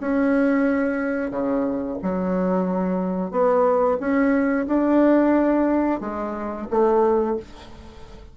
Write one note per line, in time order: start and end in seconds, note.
0.00 1.31 C#4
1.31 1.97 C#3
2.02 3.31 F#3
3.31 3.97 B3
3.99 4.66 C#4
4.67 6.00 D4
6.00 6.67 G#3
6.70 7.37 A3